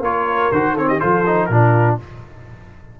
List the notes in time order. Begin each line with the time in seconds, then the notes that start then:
0.00 A#3 F4 A#4 C#5
0.52 D#3 F#4 C5
0.73 C4 A4 C#5
0.88 G4 D#5
1.00 F3 F4 A4 C5
1.26 D#4
1.46 A#2 D4 F4 A#4